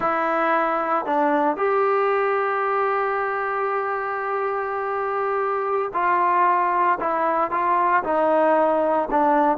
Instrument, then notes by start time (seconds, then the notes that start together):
trombone
0.00 E4
1.05 D4
1.56 G4
5.93 F4
7.00 E4
7.50 F4
8.03 D#4
9.10 D4